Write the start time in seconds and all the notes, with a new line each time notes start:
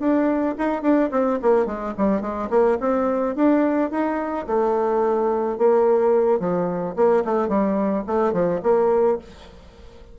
0.00 D4
0.58 D#4
0.82 D4
1.11 C4
1.42 A#3
1.66 G#3
1.98 G3
2.21 G#3
2.50 A#3
2.80 C4
3.36 D4
3.91 D#4
4.47 A3
5.58 A#3
6.40 F3
6.96 A#3
7.25 A3
7.48 G3
8.07 A3
8.33 F3
8.63 A#3